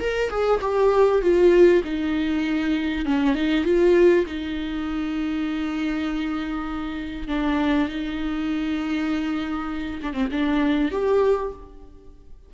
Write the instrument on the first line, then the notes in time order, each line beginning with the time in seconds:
viola
0.00 A#4
0.30 G#4
0.61 G4
1.21 F4
1.84 D#4
3.05 C#4
3.34 D#4
3.64 F4
4.26 D#4
7.28 D4
7.88 D#4
10.02 D4
10.13 C4
10.31 D4
10.91 G4